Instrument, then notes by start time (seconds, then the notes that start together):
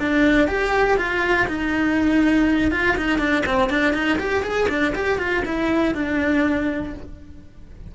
cello
0.00 D4
0.48 G4
0.98 F4
1.48 D#4
2.71 F4
2.97 D#4
3.19 D4
3.46 C4
3.70 D4
3.94 D#4
4.19 G4
4.43 G#4
4.69 D4
4.95 G4
5.19 F4
5.45 E4
5.95 D4